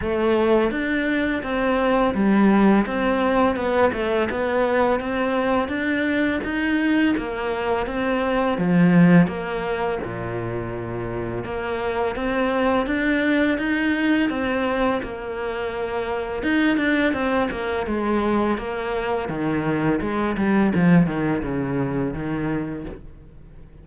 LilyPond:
\new Staff \with { instrumentName = "cello" } { \time 4/4 \tempo 4 = 84 a4 d'4 c'4 g4 | c'4 b8 a8 b4 c'4 | d'4 dis'4 ais4 c'4 | f4 ais4 ais,2 |
ais4 c'4 d'4 dis'4 | c'4 ais2 dis'8 d'8 | c'8 ais8 gis4 ais4 dis4 | gis8 g8 f8 dis8 cis4 dis4 | }